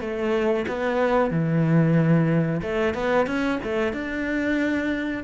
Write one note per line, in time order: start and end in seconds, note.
0.00 0.65 A3
0.67 1.30 B3
1.30 2.61 E3
2.62 2.94 A3
2.94 3.26 B3
3.26 3.59 C#4
3.63 3.92 A3
3.92 5.23 D4